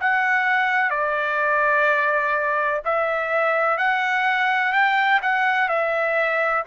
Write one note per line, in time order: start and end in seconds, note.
0.00 0.90 F#5
0.90 2.80 D5
2.85 3.77 E5
3.77 4.72 F#5
4.72 5.20 G5
5.22 5.68 F#5
5.68 6.64 E5